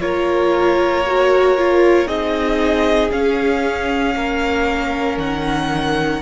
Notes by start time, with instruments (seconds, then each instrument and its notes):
0.00 cello A#3, viola F4, violin A#4 C#5
1.06 viola F#4
1.58 viola F4
2.06 cello C4, viola D#4, violin G#4 D#5
3.11 viola C#4, cello C#4, violin F5
4.14 cello A#3, violin A#4
5.17 cello D#3, violin F#5